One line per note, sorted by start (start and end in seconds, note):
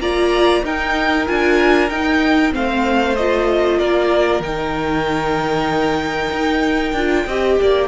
0.00 0.63 A#3
0.00 0.65 F4
0.00 0.64 D5
0.00 0.64 A#5
0.64 1.27 D#4
0.64 2.54 A#4
0.64 1.28 G5
1.27 1.90 D4
1.27 1.91 F4
1.27 1.90 G#5
1.90 2.53 D#4
1.90 2.52 D#4
1.90 2.53 G5
2.52 3.81 A3
2.52 3.15 C4
2.52 3.79 C5
2.52 3.17 F5
3.17 4.43 F4
3.17 3.79 D#5
3.79 4.41 A#3
3.79 7.26 A#4
3.79 4.42 D5
4.41 6.30 D#3
4.41 6.95 D#4
4.41 7.89 G5
6.32 6.93 D#4
6.93 7.25 D4
6.93 7.29 F4
7.27 7.59 C4
7.27 7.89 G4
7.27 7.58 D#5
7.62 7.89 A#3
7.62 7.89 D5